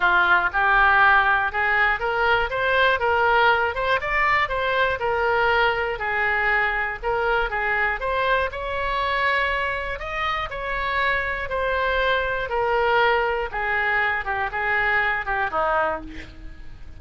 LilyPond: \new Staff \with { instrumentName = "oboe" } { \time 4/4 \tempo 4 = 120 f'4 g'2 gis'4 | ais'4 c''4 ais'4. c''8 | d''4 c''4 ais'2 | gis'2 ais'4 gis'4 |
c''4 cis''2. | dis''4 cis''2 c''4~ | c''4 ais'2 gis'4~ | gis'8 g'8 gis'4. g'8 dis'4 | }